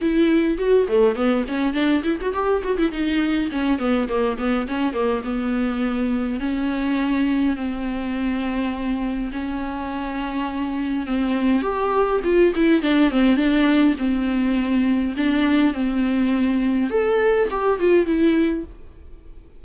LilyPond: \new Staff \with { instrumentName = "viola" } { \time 4/4 \tempo 4 = 103 e'4 fis'8 a8 b8 cis'8 d'8 e'16 fis'16 | g'8 fis'16 e'16 dis'4 cis'8 b8 ais8 b8 | cis'8 ais8 b2 cis'4~ | cis'4 c'2. |
cis'2. c'4 | g'4 f'8 e'8 d'8 c'8 d'4 | c'2 d'4 c'4~ | c'4 a'4 g'8 f'8 e'4 | }